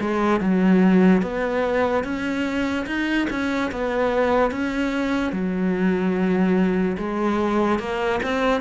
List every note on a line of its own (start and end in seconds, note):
0.00 0.40 G#3
0.40 1.22 F#3
1.22 2.04 B3
2.04 2.86 C#4
2.86 3.27 D#4
3.30 3.71 C#4
3.71 4.51 B3
4.51 5.32 C#4
5.32 6.97 F#3
6.98 7.79 G#3
7.79 8.20 A#3
8.23 8.61 C4